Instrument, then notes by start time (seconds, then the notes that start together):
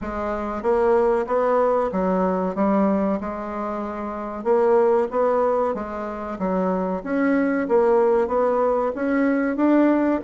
bassoon
0.01 G#3
0.62 A#3
1.26 B3
1.91 F#3
2.55 G3
3.20 G#3
4.44 A#3
5.11 B3
5.74 G#3
6.38 F#3
7.03 C#4
7.68 A#3
8.27 B3
8.95 C#4
9.56 D4